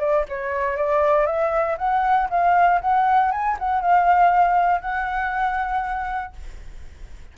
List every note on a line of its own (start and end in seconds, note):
0.00 0.25 D5
0.29 0.77 C#5
0.77 1.27 D5
1.27 1.78 E5
1.78 2.29 F#5
2.30 2.81 F5
2.82 3.32 F#5
3.32 3.57 G#5
3.60 3.81 F#5
3.81 4.81 F5
4.81 6.34 F#5